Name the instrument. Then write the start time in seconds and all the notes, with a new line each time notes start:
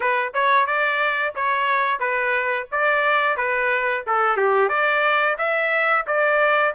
trumpet
0.00 B4
0.33 C#5
0.66 D5
1.35 C#5
1.99 B4
2.71 D5
3.36 B4
4.06 A4
4.36 G4
4.69 D5
5.37 E5
6.06 D5